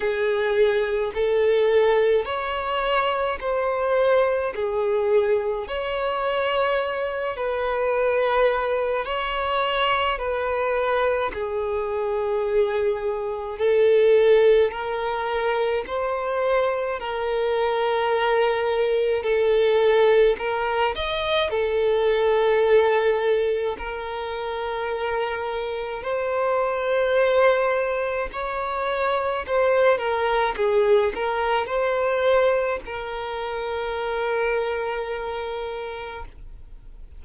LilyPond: \new Staff \with { instrumentName = "violin" } { \time 4/4 \tempo 4 = 53 gis'4 a'4 cis''4 c''4 | gis'4 cis''4. b'4. | cis''4 b'4 gis'2 | a'4 ais'4 c''4 ais'4~ |
ais'4 a'4 ais'8 dis''8 a'4~ | a'4 ais'2 c''4~ | c''4 cis''4 c''8 ais'8 gis'8 ais'8 | c''4 ais'2. | }